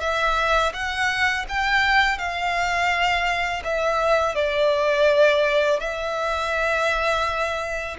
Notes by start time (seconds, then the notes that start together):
0.00 E5
0.73 F#5
1.48 G5
2.18 F5
3.64 E5
4.35 D5
5.80 E5